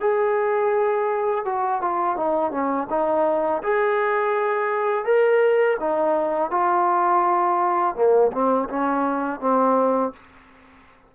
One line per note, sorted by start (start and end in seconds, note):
0.00 1.45 G#4
1.45 1.81 F#4
1.81 2.16 F4
2.16 2.51 D#4
2.51 2.87 C#4
2.89 3.62 D#4
3.63 5.04 G#4
5.04 5.77 A#4
5.80 6.51 D#4
6.51 7.95 F4
7.95 8.31 A#3
8.32 8.68 C4
8.69 9.40 C#4
9.40 10.12 C4